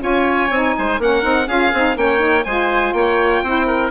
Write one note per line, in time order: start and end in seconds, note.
0.00 0.50 C#4
0.00 0.49 F4
0.00 0.76 C#5
0.00 1.01 G#5
0.50 0.75 C4
0.50 1.00 D#4
0.78 0.99 G#3
0.78 1.00 C5
0.99 1.23 A#3
0.99 1.22 C#4
0.99 1.47 A#4
0.99 1.48 F#5
1.22 1.48 C4
1.22 1.46 D#4
1.47 1.72 C#4
1.47 1.72 F4
1.47 1.96 G#4
1.47 1.97 F5
1.73 1.97 C4
1.73 1.95 D#4
1.95 2.45 A#3
1.95 2.19 C#4
1.95 2.45 C#5
1.95 2.45 G5
2.19 2.43 D#4
2.45 2.93 G#3
2.45 3.46 F4
2.45 2.94 C5
2.45 2.93 G#5
2.93 3.42 A#3
2.93 3.43 C#5
2.93 3.91 G5
3.43 3.91 C4
3.43 3.91 E4
3.43 3.66 C5
3.66 3.91 A#4